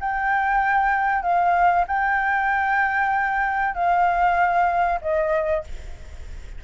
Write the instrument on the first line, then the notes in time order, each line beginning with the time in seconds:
flute
0.00 G5
1.22 F5
1.87 G5
3.74 F5
5.01 D#5